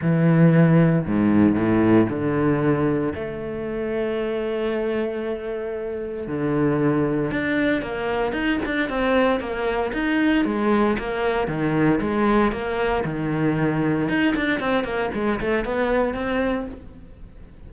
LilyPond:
\new Staff \with { instrumentName = "cello" } { \time 4/4 \tempo 4 = 115 e2 gis,4 a,4 | d2 a2~ | a1 | d2 d'4 ais4 |
dis'8 d'8 c'4 ais4 dis'4 | gis4 ais4 dis4 gis4 | ais4 dis2 dis'8 d'8 | c'8 ais8 gis8 a8 b4 c'4 | }